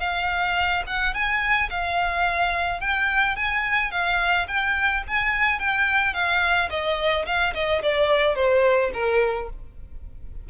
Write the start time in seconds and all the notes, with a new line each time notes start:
0.00 F5
0.87 F#5
1.14 G#5
1.70 F5
2.81 G5
3.36 G#5
3.92 F5
4.48 G5
5.08 G#5
5.59 G5
6.14 F5
6.70 D#5
7.26 F5
7.54 D#5
7.83 D5
8.36 C5
8.94 A#4